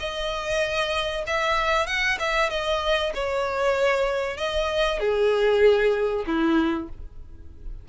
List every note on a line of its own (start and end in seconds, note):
0.00 1.25 D#5
1.27 1.87 E5
1.87 2.18 F#5
2.20 2.51 E5
2.51 3.13 D#5
3.15 4.38 C#5
4.38 5.00 D#5
5.00 6.25 G#4
6.27 6.89 E4